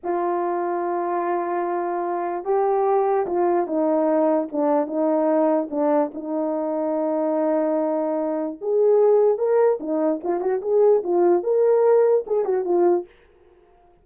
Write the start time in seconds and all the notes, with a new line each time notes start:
0.03 F4
2.44 G4
3.26 F4
3.66 D#4
4.52 D4
4.86 D#4
5.70 D4
6.14 D#4
8.61 G#4
9.38 A#4
9.80 D#4
10.23 F4
10.40 F#4
10.61 G#4
11.03 F4
11.43 A#4
12.27 G#4
12.45 F#4
12.65 F4